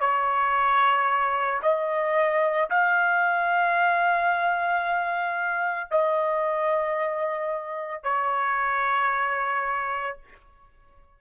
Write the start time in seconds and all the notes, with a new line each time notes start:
0.00 C#5
1.62 D#5
2.70 F5
5.91 D#5
8.03 C#5